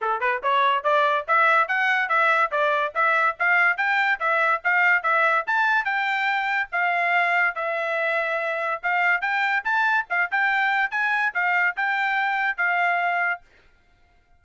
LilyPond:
\new Staff \with { instrumentName = "trumpet" } { \time 4/4 \tempo 4 = 143 a'8 b'8 cis''4 d''4 e''4 | fis''4 e''4 d''4 e''4 | f''4 g''4 e''4 f''4 | e''4 a''4 g''2 |
f''2 e''2~ | e''4 f''4 g''4 a''4 | f''8 g''4. gis''4 f''4 | g''2 f''2 | }